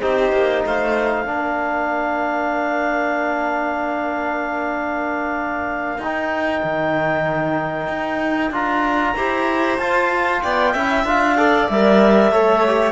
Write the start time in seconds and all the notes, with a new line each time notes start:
0.00 C4 D#4 G4 C5
0.32 A#3
0.66 A3 C5 F5
1.26 A#3 D4 A#4
5.98 D#4 G5
6.64 D#3
7.88 D#4
8.51 D4 F4 A#5
9.16 E4 G4 C5
9.79 F4 A5
10.43 B3 D5 G5
10.74 C#4 E4 E5
11.05 D4 F4 F5
11.37 A4 D5
11.69 G3 A#4 E5
12.32 A3 A4 C#5
12.68 G4